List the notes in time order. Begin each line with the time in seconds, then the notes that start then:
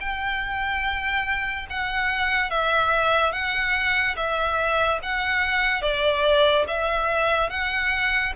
0.00 G5
1.70 F#5
2.50 E5
3.32 F#5
4.16 E5
5.03 F#5
5.82 D5
6.67 E5
7.50 F#5